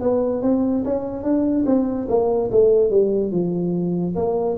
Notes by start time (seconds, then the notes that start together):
0.00 B3
0.42 C4
0.84 C#4
1.23 D4
1.66 C4
2.08 A#3
2.51 A3
2.90 G3
3.31 F3
4.15 A#3